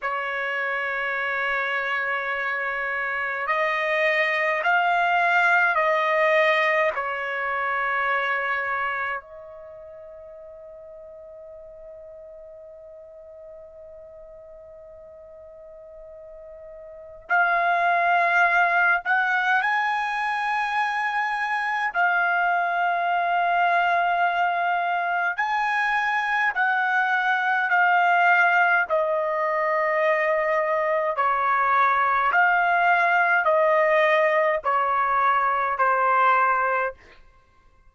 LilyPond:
\new Staff \with { instrumentName = "trumpet" } { \time 4/4 \tempo 4 = 52 cis''2. dis''4 | f''4 dis''4 cis''2 | dis''1~ | dis''2. f''4~ |
f''8 fis''8 gis''2 f''4~ | f''2 gis''4 fis''4 | f''4 dis''2 cis''4 | f''4 dis''4 cis''4 c''4 | }